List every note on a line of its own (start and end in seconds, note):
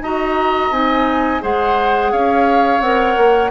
0.00 0.70 D#4
0.00 0.72 F#4
0.00 1.42 D#5
0.00 0.72 A#5
0.70 1.40 C4
0.70 1.41 D#4
0.70 1.42 G#5
1.41 2.12 G#3
1.41 2.80 G#4
1.41 2.12 C5
1.41 2.12 F#5
2.12 2.80 C#4
2.12 3.51 C#5
2.12 2.81 F5
2.80 3.15 C4
2.80 3.51 A#4
2.80 3.50 F#5
3.17 3.51 A#3